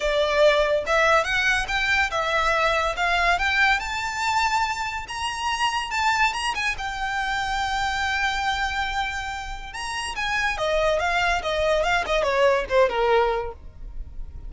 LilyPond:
\new Staff \with { instrumentName = "violin" } { \time 4/4 \tempo 4 = 142 d''2 e''4 fis''4 | g''4 e''2 f''4 | g''4 a''2. | ais''2 a''4 ais''8 gis''8 |
g''1~ | g''2. ais''4 | gis''4 dis''4 f''4 dis''4 | f''8 dis''8 cis''4 c''8 ais'4. | }